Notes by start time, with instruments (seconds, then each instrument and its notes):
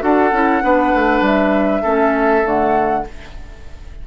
0.00 bassoon D4, clarinet F#4, oboe A4, flute F#5
0.32 bassoon C#4, clarinet E4
0.62 bassoon B3, clarinet D4, oboe B4
0.95 bassoon A3
1.21 bassoon G3, flute E5
1.83 bassoon A3, clarinet C#4, oboe A4
2.43 bassoon D3, clarinet A3, flute F#5